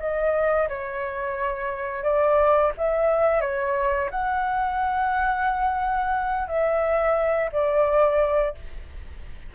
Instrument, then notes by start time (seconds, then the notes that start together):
flute
0.00 D#5
0.68 C#5
2.04 D5
2.77 E5
3.41 C#5
4.11 F#5
6.48 E5
7.52 D5